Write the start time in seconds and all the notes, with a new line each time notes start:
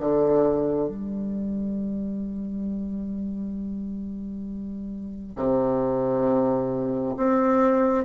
0.00 D3
0.88 G3
5.36 C3
7.17 C4